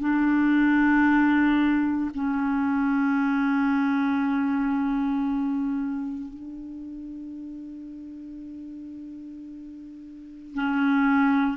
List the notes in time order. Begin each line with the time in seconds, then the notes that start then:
0.00 D4
2.14 C#4
6.33 D4
10.55 C#4